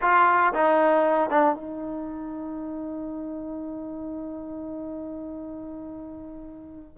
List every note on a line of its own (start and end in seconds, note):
0.01 0.53 F4
0.53 1.30 D#4
1.30 1.55 D4
1.55 6.97 D#4